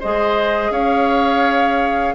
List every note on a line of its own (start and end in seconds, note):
0.00 0.71 G#3
0.00 2.15 G#4
0.00 0.71 C5
0.00 0.72 D#5
0.71 2.14 C#4
0.71 2.15 C#5
0.71 2.15 F5